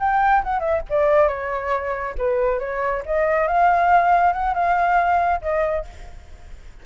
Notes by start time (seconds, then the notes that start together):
0.00 G5
0.44 F#5
0.60 E5
0.90 D5
1.28 C#5
2.19 B4
2.60 C#5
3.06 D#5
3.48 F5
4.33 F#5
4.54 F5
5.42 D#5